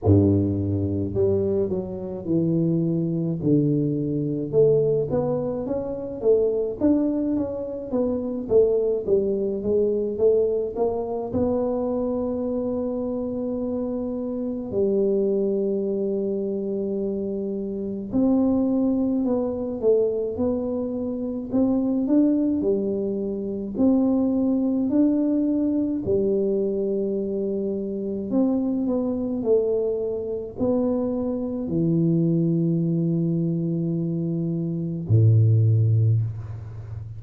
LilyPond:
\new Staff \with { instrumentName = "tuba" } { \time 4/4 \tempo 4 = 53 g,4 g8 fis8 e4 d4 | a8 b8 cis'8 a8 d'8 cis'8 b8 a8 | g8 gis8 a8 ais8 b2~ | b4 g2. |
c'4 b8 a8 b4 c'8 d'8 | g4 c'4 d'4 g4~ | g4 c'8 b8 a4 b4 | e2. a,4 | }